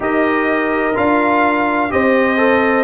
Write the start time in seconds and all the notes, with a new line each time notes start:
0.00 D#4 G4 A#4 D#5
0.94 D4 F4 F5
1.89 C4 G4 C5 D#5
2.37 A4